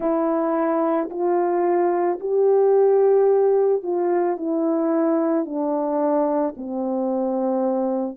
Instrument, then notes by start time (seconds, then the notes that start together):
horn
0.00 E4
1.10 F4
2.20 G4
3.82 F4
4.36 E4
5.45 D4
6.57 C4